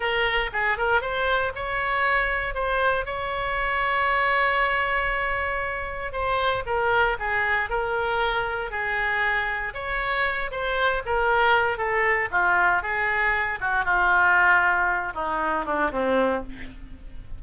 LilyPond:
\new Staff \with { instrumentName = "oboe" } { \time 4/4 \tempo 4 = 117 ais'4 gis'8 ais'8 c''4 cis''4~ | cis''4 c''4 cis''2~ | cis''1 | c''4 ais'4 gis'4 ais'4~ |
ais'4 gis'2 cis''4~ | cis''8 c''4 ais'4. a'4 | f'4 gis'4. fis'8 f'4~ | f'4. dis'4 d'8 c'4 | }